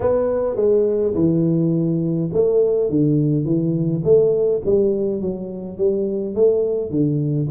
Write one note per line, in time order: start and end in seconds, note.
0.00 0.56 B3
0.56 1.14 G#3
1.14 2.29 E3
2.33 2.89 A3
2.89 3.45 D3
3.45 4.02 E3
4.04 4.61 A3
4.65 5.21 G3
5.21 5.77 F#3
5.77 6.34 G3
6.34 6.90 A3
6.90 7.48 D3